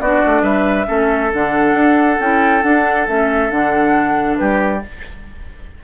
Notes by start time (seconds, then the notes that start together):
0.00 B3 D4 F#4 D5
0.26 A3
0.42 G3 B4 E5
0.86 A3 C#4 A4
1.33 D3 D4 F#5
1.74 D4
2.19 C#4 E4 G5
2.62 D4 F#5
3.07 A3 C#4 E5
3.50 D3 D4 F#5
4.36 G3 G4 B4